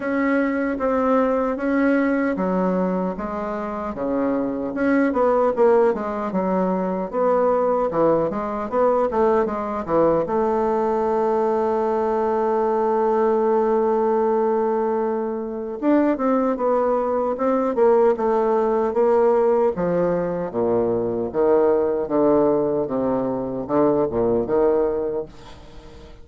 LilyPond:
\new Staff \with { instrumentName = "bassoon" } { \time 4/4 \tempo 4 = 76 cis'4 c'4 cis'4 fis4 | gis4 cis4 cis'8 b8 ais8 gis8 | fis4 b4 e8 gis8 b8 a8 | gis8 e8 a2.~ |
a1 | d'8 c'8 b4 c'8 ais8 a4 | ais4 f4 ais,4 dis4 | d4 c4 d8 ais,8 dis4 | }